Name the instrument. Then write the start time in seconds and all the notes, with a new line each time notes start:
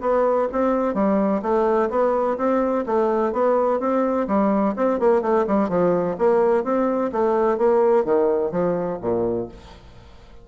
bassoon
0.00 B3
0.52 C4
0.94 G3
1.42 A3
1.89 B3
2.37 C4
2.86 A3
3.32 B3
3.79 C4
4.27 G3
4.76 C4
4.99 A#3
5.21 A3
5.46 G3
5.69 F3
6.18 A#3
6.63 C4
7.12 A3
7.57 A#3
8.04 D#3
8.51 F3
9.01 A#2